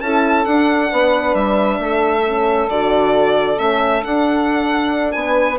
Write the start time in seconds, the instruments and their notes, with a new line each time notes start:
0.00 bassoon C#4, horn E4, saxophone A4, violin A5
0.44 horn D4, bassoon D4, violin F#5
0.91 bassoon B3, saxophone B4
1.34 bassoon G3, violin E5
1.78 bassoon A3, saxophone A4
2.25 horn C#4
2.69 bassoon D3, horn F#4, violin D5
3.57 bassoon A3, horn C#4, violin E5
4.01 horn D4, bassoon D4, violin F#5
5.11 bassoon B3, saxophone B4, violin G#5